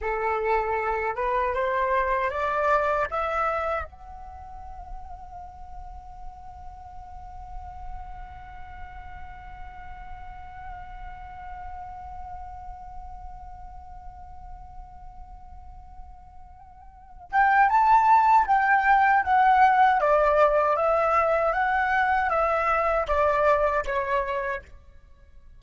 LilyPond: \new Staff \with { instrumentName = "flute" } { \time 4/4 \tempo 4 = 78 a'4. b'8 c''4 d''4 | e''4 fis''2.~ | fis''1~ | fis''1~ |
fis''1~ | fis''2~ fis''8 g''8 a''4 | g''4 fis''4 d''4 e''4 | fis''4 e''4 d''4 cis''4 | }